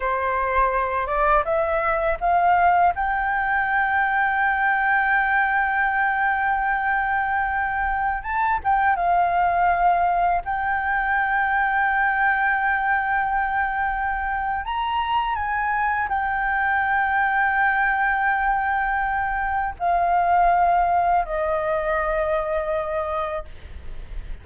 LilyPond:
\new Staff \with { instrumentName = "flute" } { \time 4/4 \tempo 4 = 82 c''4. d''8 e''4 f''4 | g''1~ | g''2.~ g''16 a''8 g''16~ | g''16 f''2 g''4.~ g''16~ |
g''1 | ais''4 gis''4 g''2~ | g''2. f''4~ | f''4 dis''2. | }